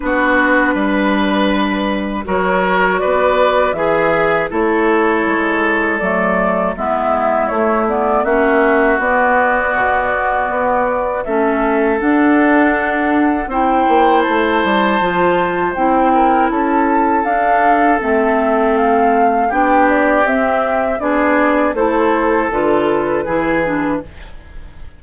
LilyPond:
<<
  \new Staff \with { instrumentName = "flute" } { \time 4/4 \tempo 4 = 80 b'2. cis''4 | d''4 e''4 cis''2 | d''4 e''4 cis''8 d''8 e''4 | d''2. e''4 |
fis''2 g''4 a''4~ | a''4 g''4 a''4 f''4 | e''4 f''4 g''8 d''8 e''4 | d''4 c''4 b'2 | }
  \new Staff \with { instrumentName = "oboe" } { \time 4/4 fis'4 b'2 ais'4 | b'4 gis'4 a'2~ | a'4 e'2 fis'4~ | fis'2. a'4~ |
a'2 c''2~ | c''4. ais'8 a'2~ | a'2 g'2 | gis'4 a'2 gis'4 | }
  \new Staff \with { instrumentName = "clarinet" } { \time 4/4 d'2. fis'4~ | fis'4 gis'4 e'2 | a4 b4 a8 b8 cis'4 | b2. cis'4 |
d'2 e'2 | f'4 e'2 d'4 | c'2 d'4 c'4 | d'4 e'4 f'4 e'8 d'8 | }
  \new Staff \with { instrumentName = "bassoon" } { \time 4/4 b4 g2 fis4 | b4 e4 a4 gis4 | fis4 gis4 a4 ais4 | b4 b,4 b4 a4 |
d'2 c'8 ais8 a8 g8 | f4 c'4 cis'4 d'4 | a2 b4 c'4 | b4 a4 d4 e4 | }
>>